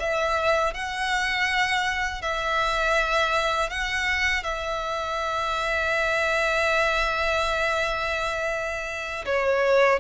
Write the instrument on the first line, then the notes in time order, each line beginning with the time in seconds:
violin
0.00 E5
0.74 F#5
2.23 E5
3.70 F#5
4.44 E5
9.26 C#5